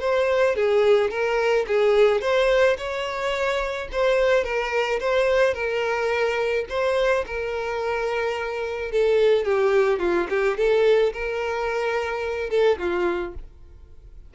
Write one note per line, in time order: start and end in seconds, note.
0.00 0.56 C5
0.56 1.10 G#4
1.10 1.66 A#4
1.68 2.21 G#4
2.21 2.77 C5
2.78 3.89 C#5
3.92 4.44 C5
4.44 4.99 A#4
5.00 5.54 C5
5.54 6.65 A#4
6.69 7.25 C5
7.27 8.92 A#4
8.92 9.45 A4
9.45 9.99 G4
9.99 10.27 F4
10.30 10.57 G4
10.57 11.13 A4
11.13 12.50 A#4
12.50 12.78 A4
12.79 13.34 F4